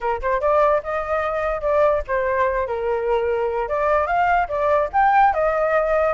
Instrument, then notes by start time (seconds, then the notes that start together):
flute
0.01 A#4
0.21 C5
0.40 D5
0.83 D#5
1.61 D5
2.07 C5
2.67 A#4
3.68 D5
4.06 F5
4.48 D5
4.92 G5
5.33 D#5